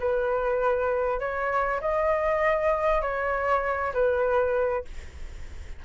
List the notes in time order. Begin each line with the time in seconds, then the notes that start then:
0.00 B4
1.20 C#5
1.81 D#5
3.02 C#5
3.94 B4